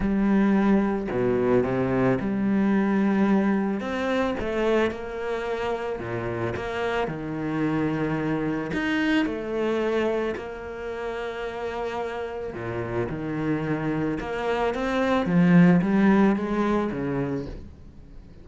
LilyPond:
\new Staff \with { instrumentName = "cello" } { \time 4/4 \tempo 4 = 110 g2 b,4 c4 | g2. c'4 | a4 ais2 ais,4 | ais4 dis2. |
dis'4 a2 ais4~ | ais2. ais,4 | dis2 ais4 c'4 | f4 g4 gis4 cis4 | }